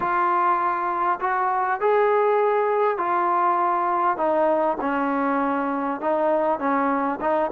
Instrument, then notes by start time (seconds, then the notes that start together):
trombone
0.00 F4
1.20 F#4
1.80 G#4
2.97 F4
4.17 D#4
4.80 C#4
6.00 D#4
6.59 C#4
7.20 D#4